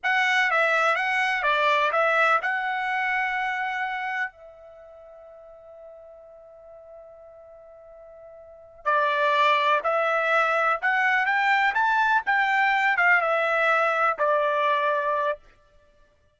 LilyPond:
\new Staff \with { instrumentName = "trumpet" } { \time 4/4 \tempo 4 = 125 fis''4 e''4 fis''4 d''4 | e''4 fis''2.~ | fis''4 e''2.~ | e''1~ |
e''2~ e''8 d''4.~ | d''8 e''2 fis''4 g''8~ | g''8 a''4 g''4. f''8 e''8~ | e''4. d''2~ d''8 | }